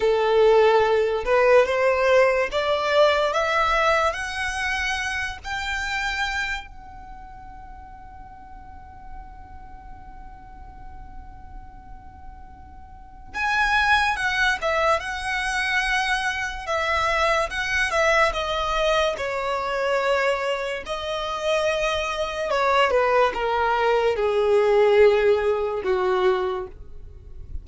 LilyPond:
\new Staff \with { instrumentName = "violin" } { \time 4/4 \tempo 4 = 72 a'4. b'8 c''4 d''4 | e''4 fis''4. g''4. | fis''1~ | fis''1 |
gis''4 fis''8 e''8 fis''2 | e''4 fis''8 e''8 dis''4 cis''4~ | cis''4 dis''2 cis''8 b'8 | ais'4 gis'2 fis'4 | }